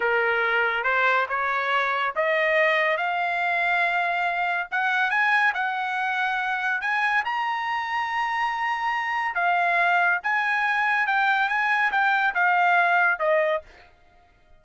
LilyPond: \new Staff \with { instrumentName = "trumpet" } { \time 4/4 \tempo 4 = 141 ais'2 c''4 cis''4~ | cis''4 dis''2 f''4~ | f''2. fis''4 | gis''4 fis''2. |
gis''4 ais''2.~ | ais''2 f''2 | gis''2 g''4 gis''4 | g''4 f''2 dis''4 | }